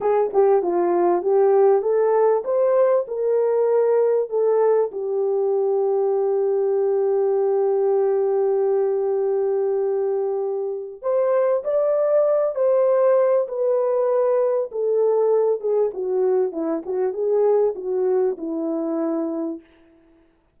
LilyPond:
\new Staff \with { instrumentName = "horn" } { \time 4/4 \tempo 4 = 98 gis'8 g'8 f'4 g'4 a'4 | c''4 ais'2 a'4 | g'1~ | g'1~ |
g'2 c''4 d''4~ | d''8 c''4. b'2 | a'4. gis'8 fis'4 e'8 fis'8 | gis'4 fis'4 e'2 | }